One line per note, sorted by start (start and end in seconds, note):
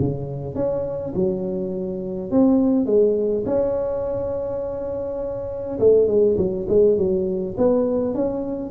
0.00 0.56 C#3
0.56 1.14 C#4
1.15 2.31 F#3
2.31 2.86 C4
2.86 3.44 G#3
3.46 5.79 C#4
5.80 6.08 A3
6.08 6.37 G#3
6.38 6.67 F#3
6.69 6.98 G#3
6.98 7.56 F#3
7.58 8.15 B3
8.15 8.71 C#4